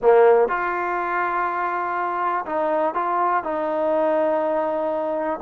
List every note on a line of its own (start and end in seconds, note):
0.02 0.48 A#3
0.48 2.45 F4
2.45 2.94 D#4
2.94 3.43 F4
3.43 5.40 D#4